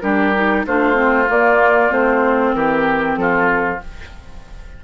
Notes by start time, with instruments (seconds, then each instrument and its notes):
0.00 bassoon G3, clarinet D4, oboe G4, flute A#4
0.34 clarinet D#4
0.66 bassoon A3, clarinet D4, oboe F4, flute C5
0.93 clarinet C4
1.26 clarinet A#3, bassoon A#3, flute D5
1.89 bassoon A3, clarinet C4, flute C5
2.54 bassoon E3, oboe G4, flute A#4
3.17 bassoon F3, oboe F4, flute A4